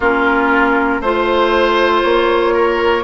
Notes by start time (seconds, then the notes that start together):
0.00 A#3 C#4 F4 A#4
1.00 A3 F4 C5
2.02 A#3 C#5
2.53 A#4